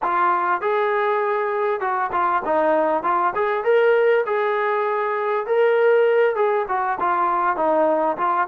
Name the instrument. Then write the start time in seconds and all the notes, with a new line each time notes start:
trombone
0.02 F4
0.61 G#4
1.80 F#4
2.12 F4
2.45 D#4
3.03 F4
3.35 G#4
3.64 A#4
4.26 G#4
5.46 A#4
6.35 G#4
6.68 F#4
7.00 F4
7.56 D#4
8.17 F4